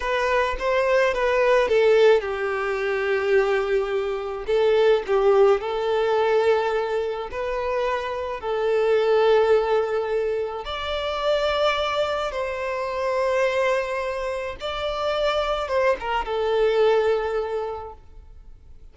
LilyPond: \new Staff \with { instrumentName = "violin" } { \time 4/4 \tempo 4 = 107 b'4 c''4 b'4 a'4 | g'1 | a'4 g'4 a'2~ | a'4 b'2 a'4~ |
a'2. d''4~ | d''2 c''2~ | c''2 d''2 | c''8 ais'8 a'2. | }